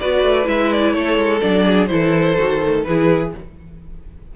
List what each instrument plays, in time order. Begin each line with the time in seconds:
0.00 cello B3, viola F#4, violin B4 D5
0.24 cello A3
0.44 cello G#3, viola E4, violin E5
0.73 violin D5
0.93 cello A3, violin A4 C#5
1.18 cello G#3
1.41 cello F#3, viola D4, violin D5
1.66 violin G#4
1.87 cello E3, viola E4, violin A4 C5
2.38 cello D#3, viola F#4
2.63 viola A3
2.84 cello E3, viola E4, violin G#4 B4